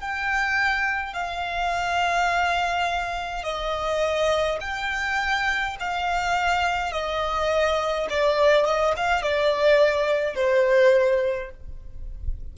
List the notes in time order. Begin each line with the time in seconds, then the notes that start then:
0.00 G5
1.13 F5
3.43 D#5
4.60 G5
5.80 F5
6.91 D#5
8.09 D5
8.65 D#5
8.96 F5
9.22 D5
10.35 C5